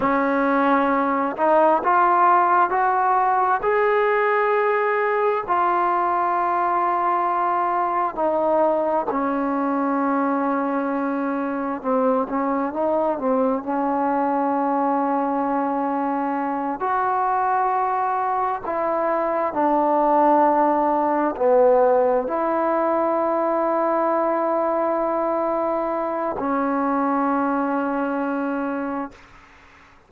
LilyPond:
\new Staff \with { instrumentName = "trombone" } { \time 4/4 \tempo 4 = 66 cis'4. dis'8 f'4 fis'4 | gis'2 f'2~ | f'4 dis'4 cis'2~ | cis'4 c'8 cis'8 dis'8 c'8 cis'4~ |
cis'2~ cis'8 fis'4.~ | fis'8 e'4 d'2 b8~ | b8 e'2.~ e'8~ | e'4 cis'2. | }